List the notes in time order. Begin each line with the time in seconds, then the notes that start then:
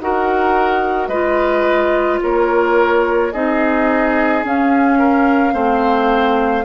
0.00 D#4 F#4 A#4 F#5
1.08 G#3 F4 B4 D#5
2.23 A#3 A#4 C#5
3.33 C4 D#4 G#4 D#5
4.44 C#4 F5
4.99 A#4
5.53 A3 C4 C5